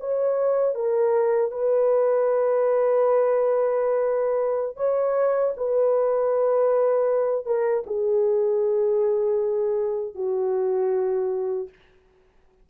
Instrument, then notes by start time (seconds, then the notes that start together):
horn
0.00 C#5
0.75 A#4
1.51 B4
4.77 C#5
5.57 B4
7.45 A#4
7.86 G#4
10.15 F#4